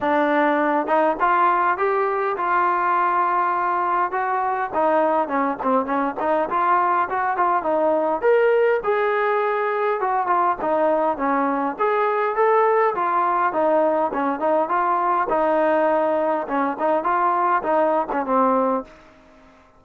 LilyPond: \new Staff \with { instrumentName = "trombone" } { \time 4/4 \tempo 4 = 102 d'4. dis'8 f'4 g'4 | f'2. fis'4 | dis'4 cis'8 c'8 cis'8 dis'8 f'4 | fis'8 f'8 dis'4 ais'4 gis'4~ |
gis'4 fis'8 f'8 dis'4 cis'4 | gis'4 a'4 f'4 dis'4 | cis'8 dis'8 f'4 dis'2 | cis'8 dis'8 f'4 dis'8. cis'16 c'4 | }